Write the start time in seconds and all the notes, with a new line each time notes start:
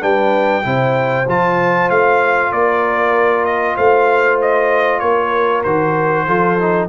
0.00 G3 D4 B4 G5
0.63 C3 E4 C5
1.27 F3 F4 A5
1.89 A3 F5
2.51 A#3 A#4 D5
3.45 D#5
3.76 A3 C5 F5
4.41 D#5
4.99 A#3 A#4 C#5
5.63 D#3 F#4 C5
6.26 F3 F4 A4
6.59 D#4